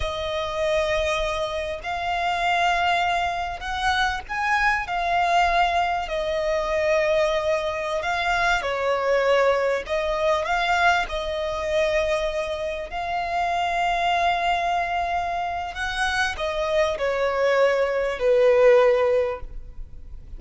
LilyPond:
\new Staff \with { instrumentName = "violin" } { \time 4/4 \tempo 4 = 99 dis''2. f''4~ | f''2 fis''4 gis''4 | f''2 dis''2~ | dis''4~ dis''16 f''4 cis''4.~ cis''16~ |
cis''16 dis''4 f''4 dis''4.~ dis''16~ | dis''4~ dis''16 f''2~ f''8.~ | f''2 fis''4 dis''4 | cis''2 b'2 | }